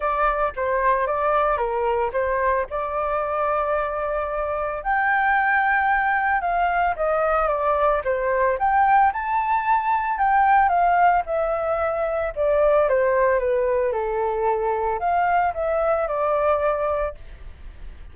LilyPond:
\new Staff \with { instrumentName = "flute" } { \time 4/4 \tempo 4 = 112 d''4 c''4 d''4 ais'4 | c''4 d''2.~ | d''4 g''2. | f''4 dis''4 d''4 c''4 |
g''4 a''2 g''4 | f''4 e''2 d''4 | c''4 b'4 a'2 | f''4 e''4 d''2 | }